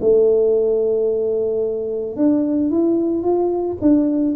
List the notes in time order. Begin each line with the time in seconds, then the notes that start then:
0.00 A3
2.16 D4
2.70 E4
3.22 F4
3.81 D4